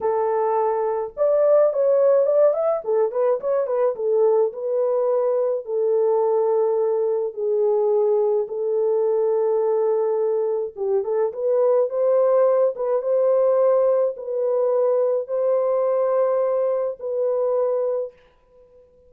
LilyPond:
\new Staff \with { instrumentName = "horn" } { \time 4/4 \tempo 4 = 106 a'2 d''4 cis''4 | d''8 e''8 a'8 b'8 cis''8 b'8 a'4 | b'2 a'2~ | a'4 gis'2 a'4~ |
a'2. g'8 a'8 | b'4 c''4. b'8 c''4~ | c''4 b'2 c''4~ | c''2 b'2 | }